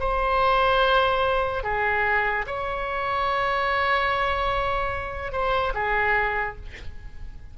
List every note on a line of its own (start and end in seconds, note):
0.00 1.63 C5
1.63 2.45 G#4
2.47 5.32 C#5
5.32 5.73 C5
5.74 6.56 G#4